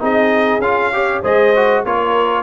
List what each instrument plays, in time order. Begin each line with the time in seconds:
0.00 tuba C4, trombone D#4, horn G#4, trumpet D#5
0.59 tuba C#4, trombone F4, trumpet F5
0.93 trombone G4, horn C#5
1.23 tuba G#3, trombone G#4, horn C5, trumpet D#5
1.56 trombone F#4
1.85 tuba A#3, trombone F4, horn A#4, trumpet C#5